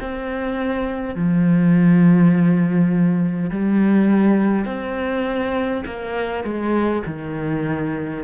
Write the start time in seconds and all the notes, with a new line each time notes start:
0.00 C4
1.14 F3
3.50 G3
4.65 C4
5.86 A#3
6.44 G#3
7.06 D#3